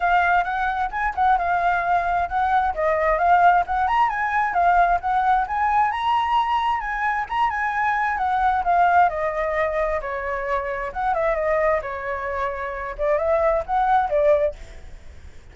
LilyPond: \new Staff \with { instrumentName = "flute" } { \time 4/4 \tempo 4 = 132 f''4 fis''4 gis''8 fis''8 f''4~ | f''4 fis''4 dis''4 f''4 | fis''8 ais''8 gis''4 f''4 fis''4 | gis''4 ais''2 gis''4 |
ais''8 gis''4. fis''4 f''4 | dis''2 cis''2 | fis''8 e''8 dis''4 cis''2~ | cis''8 d''8 e''4 fis''4 d''4 | }